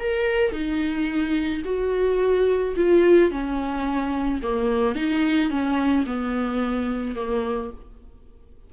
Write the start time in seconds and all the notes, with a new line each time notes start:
0.00 A#4
0.53 D#4
1.65 F#4
2.76 F4
3.31 C#4
4.43 A#3
4.96 D#4
5.50 C#4
6.07 B3
7.16 A#3